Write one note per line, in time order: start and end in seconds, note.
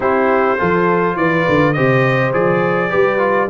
0.00 0.56 C4
0.00 0.58 E4
0.00 0.58 G4
0.00 1.17 C5
0.58 1.16 F3
0.58 1.75 F4
0.58 1.16 A4
1.16 1.45 E3
1.16 1.74 B4
1.16 1.73 D5
1.48 1.77 D3
1.73 2.33 C3
1.73 2.33 G4
1.73 2.90 C5
1.73 2.31 D#5
2.33 2.91 F3
2.33 2.90 G#4
2.33 3.50 D5
2.90 3.50 G3
2.90 3.18 G4
2.90 3.48 B4
3.18 3.47 F4